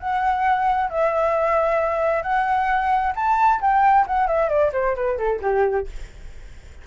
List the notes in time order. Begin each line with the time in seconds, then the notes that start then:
0.00 F#5
0.90 E5
2.23 F#5
3.16 A5
3.61 G5
4.07 F#5
4.28 E5
4.49 D5
4.73 C5
4.96 B4
5.18 A4
5.42 G4